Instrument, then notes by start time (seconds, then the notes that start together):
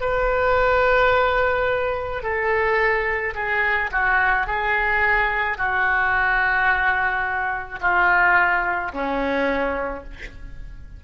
oboe
0.00 B4
2.22 A4
3.34 G#4
3.91 F#4
4.46 G#4
5.57 F#4
7.80 F4
8.92 C#4